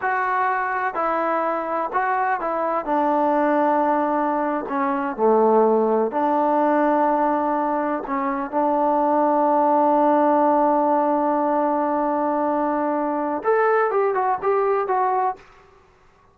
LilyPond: \new Staff \with { instrumentName = "trombone" } { \time 4/4 \tempo 4 = 125 fis'2 e'2 | fis'4 e'4 d'2~ | d'4.~ d'16 cis'4 a4~ a16~ | a8. d'2.~ d'16~ |
d'8. cis'4 d'2~ d'16~ | d'1~ | d'1 | a'4 g'8 fis'8 g'4 fis'4 | }